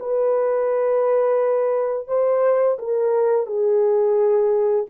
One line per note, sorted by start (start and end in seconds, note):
0.00 2.08 B4
2.08 2.78 C5
2.79 3.47 A#4
3.47 4.86 G#4